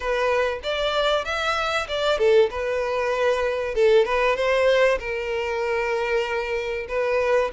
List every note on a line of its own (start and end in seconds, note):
0.00 0.59 B4
0.63 1.24 D5
1.24 1.87 E5
1.88 2.18 D5
2.18 2.49 A4
2.50 3.74 B4
3.74 4.05 A4
4.05 4.36 B4
4.36 4.98 C5
4.99 6.86 A#4
6.88 7.51 B4